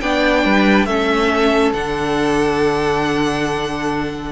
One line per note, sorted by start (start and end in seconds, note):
0.00 0.45 B3
0.00 0.87 D4
0.00 0.44 D5
0.00 0.85 G5
0.44 0.86 G3
0.44 0.87 B4
0.85 1.72 A3
0.85 1.74 C#4
0.85 4.32 A4
0.85 1.71 E5
1.73 4.32 D3
1.73 4.32 D4
1.73 4.32 F#5